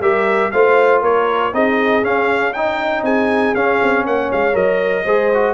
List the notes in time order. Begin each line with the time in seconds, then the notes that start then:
0.00 G3 G4 A#4 E5
0.51 A3 F4 C5 F5
1.02 A#3 A#4 C#5
1.53 C4 D#4 G#4 D#5
2.03 C#4 F5
2.53 D#4 D#5 G5
3.03 C4 G#4 G#5
3.55 C#4 F5
3.83 C4
4.06 A#3 C#5 F#5
4.32 G#3 F5
4.53 F#3 A#4 D#5
5.04 G#3 G#4 C5
5.34 F#4